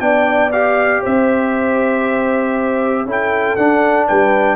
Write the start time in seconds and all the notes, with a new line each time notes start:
0.00 B3 D4 D5 G5
0.51 G4 F5
1.01 C4 C5 E5
3.05 C#4 E4 A4 G5
3.56 D4 F#5
4.07 G3 B4 G5